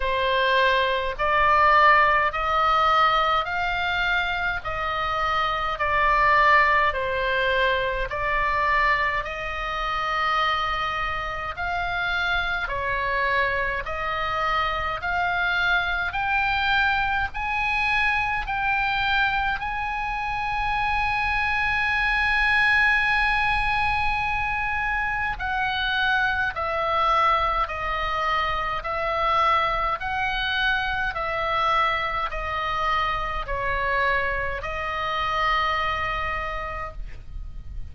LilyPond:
\new Staff \with { instrumentName = "oboe" } { \time 4/4 \tempo 4 = 52 c''4 d''4 dis''4 f''4 | dis''4 d''4 c''4 d''4 | dis''2 f''4 cis''4 | dis''4 f''4 g''4 gis''4 |
g''4 gis''2.~ | gis''2 fis''4 e''4 | dis''4 e''4 fis''4 e''4 | dis''4 cis''4 dis''2 | }